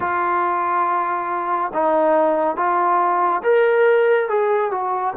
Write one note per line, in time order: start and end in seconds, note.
0.00 1.71 F4
1.73 2.56 D#4
2.56 3.42 F4
3.43 4.29 A#4
4.29 4.71 G#4
4.71 5.14 F#4